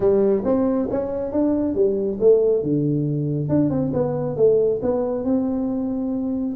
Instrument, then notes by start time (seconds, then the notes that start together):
tuba
0.00 G3
0.44 C4
0.91 C#4
1.31 D4
1.74 G3
2.20 A3
2.62 D3
3.49 D4
3.69 C4
3.93 B3
4.36 A3
4.82 B3
5.24 C4